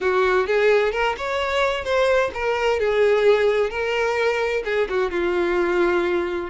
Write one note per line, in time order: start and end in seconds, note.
0.00 0.46 F#4
0.46 0.92 G#4
0.92 1.15 A#4
1.17 1.84 C#5
1.84 2.30 C5
2.34 2.79 A#4
2.79 3.70 G#4
3.70 4.63 A#4
4.64 4.88 G#4
4.89 5.11 F#4
5.11 6.50 F4